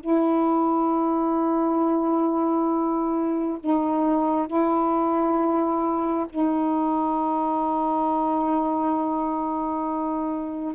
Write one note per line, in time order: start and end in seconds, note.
0.00 3.58 E4
3.60 4.47 D#4
4.47 6.26 E4
6.29 10.75 D#4